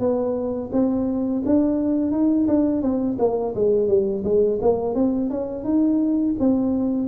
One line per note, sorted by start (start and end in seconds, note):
0.00 0.71 B3
0.73 1.43 C4
1.46 2.12 D4
2.12 2.47 D#4
2.48 2.82 D4
2.82 3.18 C4
3.19 3.55 A#3
3.56 3.89 G#3
3.89 4.24 G3
4.24 4.60 G#3
4.62 4.95 A#3
4.95 5.30 C4
5.30 5.64 C#4
5.64 6.35 D#4
6.40 7.08 C4